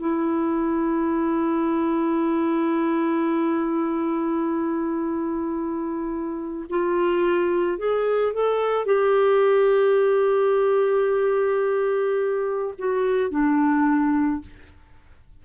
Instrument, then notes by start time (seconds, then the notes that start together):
clarinet
0.00 E4
6.70 F4
7.78 G#4
8.33 A4
8.86 G4
12.79 F#4
13.31 D4